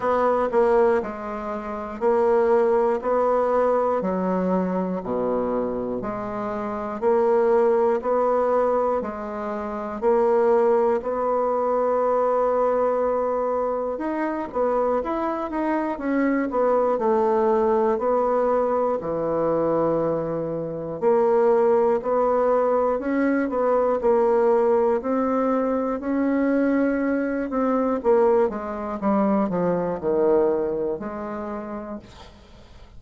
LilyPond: \new Staff \with { instrumentName = "bassoon" } { \time 4/4 \tempo 4 = 60 b8 ais8 gis4 ais4 b4 | fis4 b,4 gis4 ais4 | b4 gis4 ais4 b4~ | b2 dis'8 b8 e'8 dis'8 |
cis'8 b8 a4 b4 e4~ | e4 ais4 b4 cis'8 b8 | ais4 c'4 cis'4. c'8 | ais8 gis8 g8 f8 dis4 gis4 | }